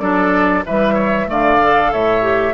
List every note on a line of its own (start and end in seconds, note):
0.00 0.65 F#3
0.00 0.64 D4
0.00 0.64 A4
0.00 0.63 D5
0.66 1.29 E3
0.66 1.26 G3
0.66 0.94 B4
0.66 1.29 E5
0.94 1.26 C#5
1.26 1.93 D3
1.26 1.58 A3
1.26 1.92 D5
1.26 1.93 F5
1.63 2.22 A4
1.92 2.54 A2
1.92 2.54 C#5
1.92 2.54 E5
2.22 2.53 G4